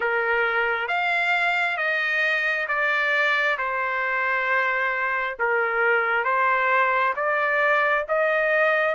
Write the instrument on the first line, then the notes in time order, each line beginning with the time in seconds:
trumpet
0.00 A#4
0.88 F5
1.77 D#5
2.67 D5
3.58 C5
5.39 A#4
6.24 C5
7.16 D5
8.08 D#5